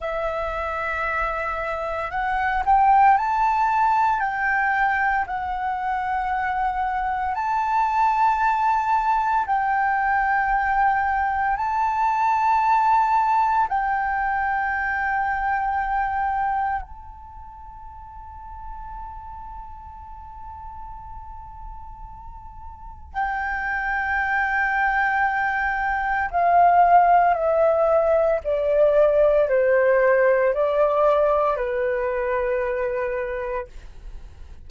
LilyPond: \new Staff \with { instrumentName = "flute" } { \time 4/4 \tempo 4 = 57 e''2 fis''8 g''8 a''4 | g''4 fis''2 a''4~ | a''4 g''2 a''4~ | a''4 g''2. |
a''1~ | a''2 g''2~ | g''4 f''4 e''4 d''4 | c''4 d''4 b'2 | }